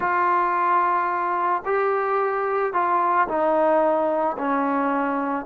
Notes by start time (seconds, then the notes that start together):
0.00 F4
1.65 G4
2.73 F4
3.28 D#4
4.38 C#4